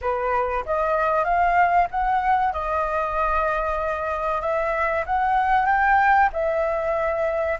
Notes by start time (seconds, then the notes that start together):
0.01 B4
0.65 D#5
1.24 F5
1.90 F#5
2.52 D#5
4.41 E5
5.06 F#5
5.66 G5
6.32 E5